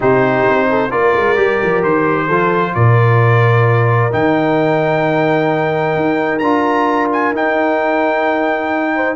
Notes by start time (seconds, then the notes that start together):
0.00 C3 D#4 G4 C5
0.48 C4
0.69 A4
0.90 A#3 F4 A#4 D5
1.15 G#3
1.36 G3 G4
1.63 F3
1.83 D#3 C5
2.26 F3 F4 A4
2.74 A#2 A#4 D5
4.11 D#3 D#4 G5
5.95 D#4
6.39 D4 F4 A#5
7.12 G#5
7.31 D#4 G5
8.95 C5